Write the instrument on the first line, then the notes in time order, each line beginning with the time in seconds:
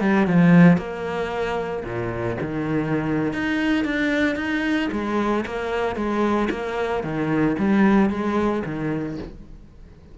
cello
0.00 G3
0.27 F3
0.77 A#3
1.84 A#2
2.41 D#3
3.33 D#4
3.84 D4
4.35 D#4
4.92 G#3
5.45 A#3
5.95 G#3
6.50 A#3
7.03 D#3
7.58 G3
8.10 G#3
8.65 D#3